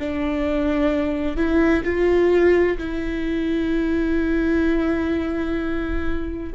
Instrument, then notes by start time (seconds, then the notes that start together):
viola
0.00 D4
1.37 E4
1.84 F4
2.79 E4